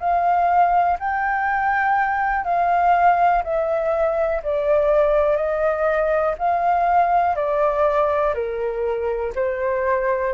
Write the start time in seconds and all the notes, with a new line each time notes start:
0.00 F5
1.00 G5
2.45 F5
3.44 E5
4.44 D5
5.37 D#5
6.39 F5
7.36 D5
8.35 A#4
9.36 C5